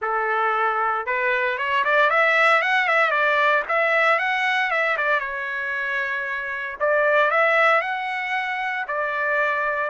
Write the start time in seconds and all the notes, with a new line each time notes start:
0.01 A4
1.06 B4
1.57 C#5
1.84 D5
2.10 E5
2.62 F#5
2.87 E5
3.10 D5
3.68 E5
4.18 F#5
4.70 E5
4.97 D5
5.20 C#5
6.79 D5
7.30 E5
7.81 F#5
8.87 D5